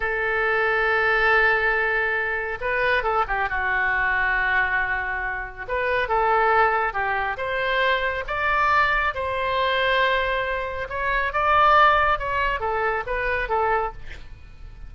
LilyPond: \new Staff \with { instrumentName = "oboe" } { \time 4/4 \tempo 4 = 138 a'1~ | a'2 b'4 a'8 g'8 | fis'1~ | fis'4 b'4 a'2 |
g'4 c''2 d''4~ | d''4 c''2.~ | c''4 cis''4 d''2 | cis''4 a'4 b'4 a'4 | }